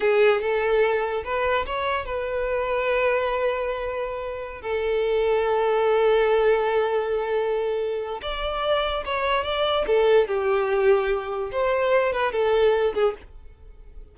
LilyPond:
\new Staff \with { instrumentName = "violin" } { \time 4/4 \tempo 4 = 146 gis'4 a'2 b'4 | cis''4 b'2.~ | b'2.~ b'16 a'8.~ | a'1~ |
a'1 | d''2 cis''4 d''4 | a'4 g'2. | c''4. b'8 a'4. gis'8 | }